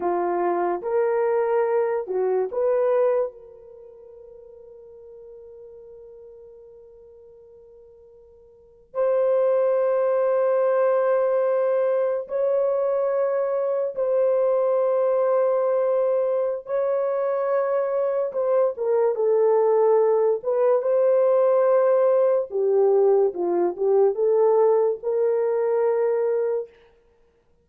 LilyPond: \new Staff \with { instrumentName = "horn" } { \time 4/4 \tempo 4 = 72 f'4 ais'4. fis'8 b'4 | ais'1~ | ais'2~ ais'8. c''4~ c''16~ | c''2~ c''8. cis''4~ cis''16~ |
cis''8. c''2.~ c''16 | cis''2 c''8 ais'8 a'4~ | a'8 b'8 c''2 g'4 | f'8 g'8 a'4 ais'2 | }